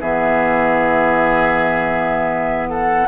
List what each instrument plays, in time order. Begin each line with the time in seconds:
0.00 bassoon E3, clarinet B3, oboe G#4, flute E5
2.69 oboe A4, flute F#5